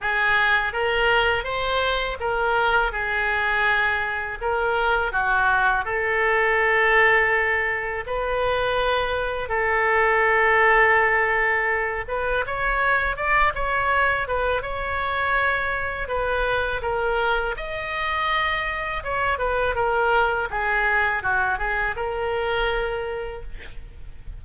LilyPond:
\new Staff \with { instrumentName = "oboe" } { \time 4/4 \tempo 4 = 82 gis'4 ais'4 c''4 ais'4 | gis'2 ais'4 fis'4 | a'2. b'4~ | b'4 a'2.~ |
a'8 b'8 cis''4 d''8 cis''4 b'8 | cis''2 b'4 ais'4 | dis''2 cis''8 b'8 ais'4 | gis'4 fis'8 gis'8 ais'2 | }